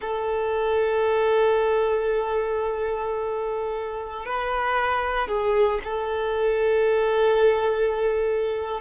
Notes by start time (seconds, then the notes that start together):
0.01 A4
4.25 B4
5.27 G#4
5.84 A4